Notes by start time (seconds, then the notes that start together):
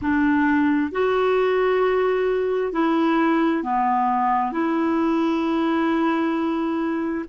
0.01 D4
0.91 F#4
2.72 E4
3.63 B3
4.52 E4